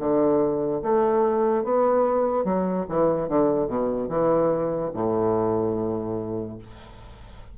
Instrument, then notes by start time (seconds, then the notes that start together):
bassoon
0.00 D3
0.83 A3
1.64 B3
2.45 F#3
2.89 E3
3.29 D3
3.67 B2
4.09 E3
4.94 A2